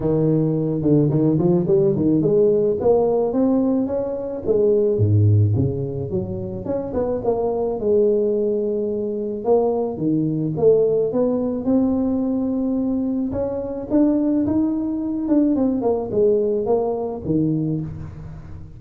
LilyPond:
\new Staff \with { instrumentName = "tuba" } { \time 4/4 \tempo 4 = 108 dis4. d8 dis8 f8 g8 dis8 | gis4 ais4 c'4 cis'4 | gis4 gis,4 cis4 fis4 | cis'8 b8 ais4 gis2~ |
gis4 ais4 dis4 a4 | b4 c'2. | cis'4 d'4 dis'4. d'8 | c'8 ais8 gis4 ais4 dis4 | }